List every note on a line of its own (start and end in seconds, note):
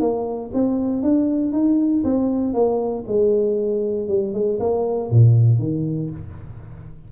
0.00 0.51 A#3
0.54 1.03 C4
1.03 1.53 D4
1.53 2.03 D#4
2.04 2.54 C4
2.54 3.05 A#3
3.07 4.08 G#3
4.08 4.34 G3
4.34 4.59 G#3
4.60 5.11 A#3
5.11 5.59 A#2
5.59 6.10 D#3